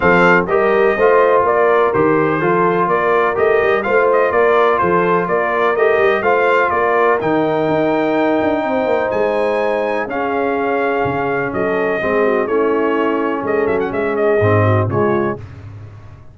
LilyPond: <<
  \new Staff \with { instrumentName = "trumpet" } { \time 4/4 \tempo 4 = 125 f''4 dis''2 d''4 | c''2 d''4 dis''4 | f''8 dis''8 d''4 c''4 d''4 | dis''4 f''4 d''4 g''4~ |
g''2. gis''4~ | gis''4 f''2. | dis''2 cis''2 | dis''8 e''16 fis''16 e''8 dis''4. cis''4 | }
  \new Staff \with { instrumentName = "horn" } { \time 4/4 a'4 ais'4 c''4 ais'4~ | ais'4 a'4 ais'2 | c''4 ais'4 a'4 ais'4~ | ais'4 c''4 ais'2~ |
ais'2 c''2~ | c''4 gis'2. | a'4 gis'8 fis'8 e'2 | a'4 gis'4. fis'8 f'4 | }
  \new Staff \with { instrumentName = "trombone" } { \time 4/4 c'4 g'4 f'2 | g'4 f'2 g'4 | f'1 | g'4 f'2 dis'4~ |
dis'1~ | dis'4 cis'2.~ | cis'4 c'4 cis'2~ | cis'2 c'4 gis4 | }
  \new Staff \with { instrumentName = "tuba" } { \time 4/4 f4 g4 a4 ais4 | dis4 f4 ais4 a8 g8 | a4 ais4 f4 ais4 | a8 g8 a4 ais4 dis4 |
dis'4. d'8 c'8 ais8 gis4~ | gis4 cis'2 cis4 | fis4 gis4 a2 | gis8 fis8 gis4 gis,4 cis4 | }
>>